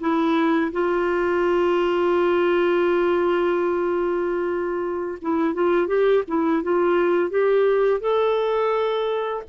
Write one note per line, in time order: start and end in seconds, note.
0.00 0.71 E4
0.72 5.19 F4
5.21 5.54 E4
5.54 5.87 F4
5.87 6.23 G4
6.28 6.63 E4
6.63 7.30 F4
7.30 8.00 G4
8.00 9.43 A4